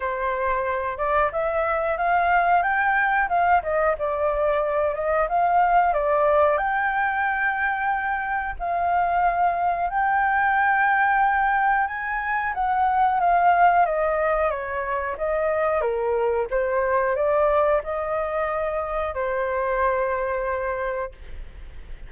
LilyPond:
\new Staff \with { instrumentName = "flute" } { \time 4/4 \tempo 4 = 91 c''4. d''8 e''4 f''4 | g''4 f''8 dis''8 d''4. dis''8 | f''4 d''4 g''2~ | g''4 f''2 g''4~ |
g''2 gis''4 fis''4 | f''4 dis''4 cis''4 dis''4 | ais'4 c''4 d''4 dis''4~ | dis''4 c''2. | }